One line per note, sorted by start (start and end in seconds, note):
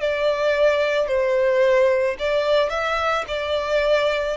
0.00 1.07 D5
1.07 2.16 C5
2.19 2.70 D5
2.70 3.24 E5
3.28 4.37 D5